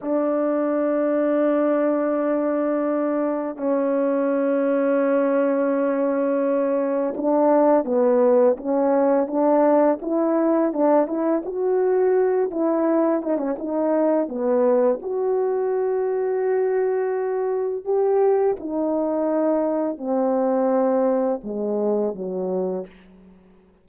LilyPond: \new Staff \with { instrumentName = "horn" } { \time 4/4 \tempo 4 = 84 d'1~ | d'4 cis'2.~ | cis'2 d'4 b4 | cis'4 d'4 e'4 d'8 e'8 |
fis'4. e'4 dis'16 cis'16 dis'4 | b4 fis'2.~ | fis'4 g'4 dis'2 | c'2 gis4 fis4 | }